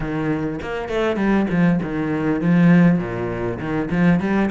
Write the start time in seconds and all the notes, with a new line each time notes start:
0.00 D#3
0.61 A#3
0.88 A3
1.16 G3
1.49 F3
1.82 D#3
2.41 F3
2.98 A#2
3.59 D#3
3.90 F3
4.19 G3